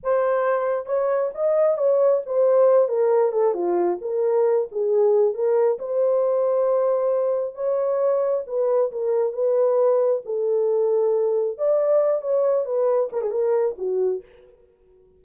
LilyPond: \new Staff \with { instrumentName = "horn" } { \time 4/4 \tempo 4 = 135 c''2 cis''4 dis''4 | cis''4 c''4. ais'4 a'8 | f'4 ais'4. gis'4. | ais'4 c''2.~ |
c''4 cis''2 b'4 | ais'4 b'2 a'4~ | a'2 d''4. cis''8~ | cis''8 b'4 ais'16 gis'16 ais'4 fis'4 | }